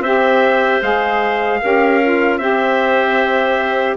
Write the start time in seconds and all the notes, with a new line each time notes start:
0.00 C4 G4 C5 E5
0.82 G#3 G#4 F5
1.62 C#4 G4 A#4
2.02 F4
2.38 C4 G4 C5 E5